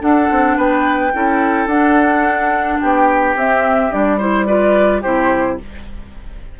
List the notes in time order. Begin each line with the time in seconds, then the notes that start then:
0.00 D4 A4 F#5
0.31 C4
0.57 B3 B4 G5
1.14 C#4 E4 A4
1.67 D4 F#5
2.80 B3 G4 G5
3.35 C4 E5
3.91 G3 D4 D5
4.18 E4 C5
4.47 F4 B4 D5
5.02 C3 E4 G4 C5